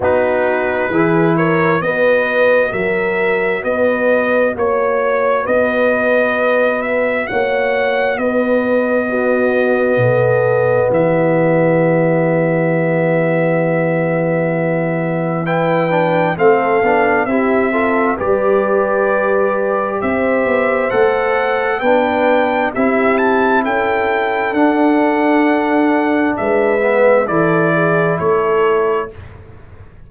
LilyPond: <<
  \new Staff \with { instrumentName = "trumpet" } { \time 4/4 \tempo 4 = 66 b'4. cis''8 dis''4 e''4 | dis''4 cis''4 dis''4. e''8 | fis''4 dis''2. | e''1~ |
e''4 g''4 f''4 e''4 | d''2 e''4 fis''4 | g''4 e''8 a''8 g''4 fis''4~ | fis''4 e''4 d''4 cis''4 | }
  \new Staff \with { instrumentName = "horn" } { \time 4/4 fis'4 gis'8 ais'8 b'4 ais'4 | b'4 cis''4 b'2 | cis''4 b'4 fis'4 a'4 | g'1~ |
g'4 b'4 a'4 g'8 a'8 | b'2 c''2 | b'4 g'4 a'2~ | a'4 b'4 a'8 gis'8 a'4 | }
  \new Staff \with { instrumentName = "trombone" } { \time 4/4 dis'4 e'4 fis'2~ | fis'1~ | fis'2 b2~ | b1~ |
b4 e'8 d'8 c'8 d'8 e'8 f'8 | g'2. a'4 | d'4 e'2 d'4~ | d'4. b8 e'2 | }
  \new Staff \with { instrumentName = "tuba" } { \time 4/4 b4 e4 b4 fis4 | b4 ais4 b2 | ais4 b2 b,4 | e1~ |
e2 a8 b8 c'4 | g2 c'8 b8 a4 | b4 c'4 cis'4 d'4~ | d'4 gis4 e4 a4 | }
>>